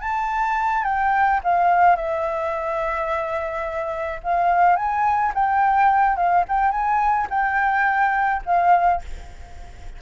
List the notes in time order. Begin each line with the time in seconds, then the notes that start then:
0.00 A5
0.84 G5
1.43 F5
1.96 E5
4.23 F5
4.76 G#5
5.34 G5
6.16 F5
6.48 G5
6.71 G#5
7.30 G5
8.45 F5